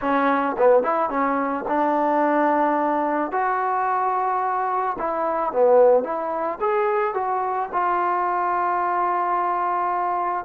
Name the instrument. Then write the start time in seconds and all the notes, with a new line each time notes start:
trombone
0.01 C#4
0.58 B3
0.83 E4
1.09 C#4
1.67 D4
3.31 F#4
4.98 E4
5.52 B3
6.03 E4
6.60 G#4
7.14 F#4
7.72 F4